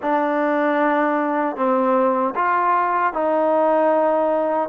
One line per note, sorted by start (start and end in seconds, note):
0.01 1.56 D4
1.56 2.34 C4
2.35 3.13 F4
3.13 4.69 D#4